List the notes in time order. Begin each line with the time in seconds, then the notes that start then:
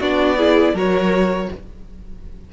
0.00 B3 D4 F#4 D5
0.38 E4 G#4
0.73 F#3 F#4 A#4 C#5